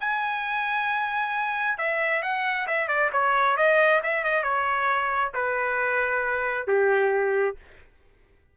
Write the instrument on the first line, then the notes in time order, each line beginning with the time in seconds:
trumpet
0.00 G#5
1.78 E5
2.22 F#5
2.67 E5
2.88 D5
3.12 C#5
3.57 D#5
4.03 E5
4.24 D#5
4.43 C#5
5.34 B4
6.67 G4